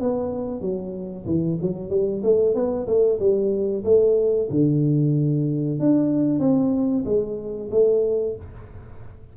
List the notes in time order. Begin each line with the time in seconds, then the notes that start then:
0.00 B3
0.61 F#3
1.26 E3
1.62 F#3
1.90 G3
2.23 A3
2.55 B3
2.87 A3
3.19 G3
3.84 A3
4.50 D3
5.80 D4
6.40 C4
7.05 G#3
7.71 A3